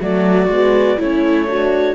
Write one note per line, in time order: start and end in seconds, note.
0.00 0.48 F#3
0.00 0.49 A3
0.00 0.98 F#4
0.00 1.01 D5
0.48 0.97 G#3
0.48 1.00 B3
0.98 1.95 A3
0.98 1.48 C#4
0.98 1.47 E4
0.98 1.95 C#5
1.48 1.95 D4
1.48 1.95 F#4